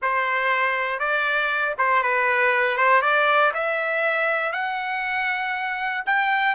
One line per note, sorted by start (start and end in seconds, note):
0.02 0.99 C5
0.99 1.75 D5
1.78 2.02 C5
2.02 2.77 B4
2.77 3.01 C5
3.01 3.52 D5
3.53 4.52 E5
4.52 6.03 F#5
6.06 6.55 G5